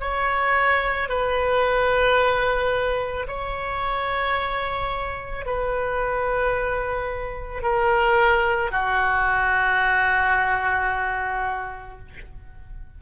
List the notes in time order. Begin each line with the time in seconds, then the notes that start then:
0.00 C#5
1.08 B4
3.27 C#5
5.45 B4
7.62 A#4
8.71 F#4